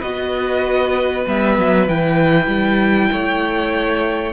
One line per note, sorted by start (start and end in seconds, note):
0.00 1.26 B3
0.00 1.26 F#4
0.00 3.09 B4
0.00 1.25 D#5
1.27 1.58 G3
1.27 1.89 B3
1.27 1.89 E5
1.58 1.87 F#3
1.87 2.47 E3
1.87 4.34 E4
1.87 4.34 G5
2.47 3.09 G3
3.12 4.34 A3
3.12 4.34 C#5